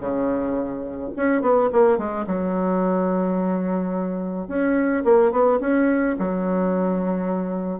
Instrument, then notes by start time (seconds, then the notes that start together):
bassoon
0.00 C#3
1.16 C#4
1.42 B3
1.72 A#3
1.98 G#3
2.27 F#3
4.48 C#4
5.04 A#3
5.32 B3
5.60 C#4
6.19 F#3